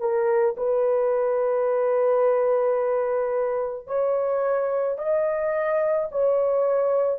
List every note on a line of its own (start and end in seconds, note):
0.00 0.56 A#4
0.57 3.87 B4
3.87 4.98 C#5
4.98 6.10 D#5
6.12 7.19 C#5